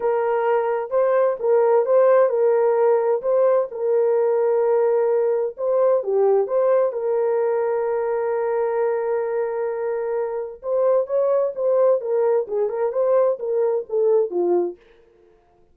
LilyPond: \new Staff \with { instrumentName = "horn" } { \time 4/4 \tempo 4 = 130 ais'2 c''4 ais'4 | c''4 ais'2 c''4 | ais'1 | c''4 g'4 c''4 ais'4~ |
ais'1~ | ais'2. c''4 | cis''4 c''4 ais'4 gis'8 ais'8 | c''4 ais'4 a'4 f'4 | }